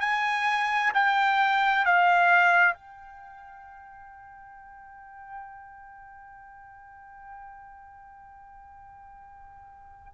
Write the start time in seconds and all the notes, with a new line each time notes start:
0.00 G#5
0.94 G5
1.85 F5
2.74 G5